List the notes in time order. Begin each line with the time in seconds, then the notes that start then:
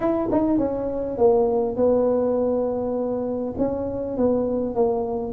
0.00 E4
0.31 D#4
0.58 C#4
1.17 A#3
1.76 B3
3.58 C#4
4.17 B3
4.75 A#3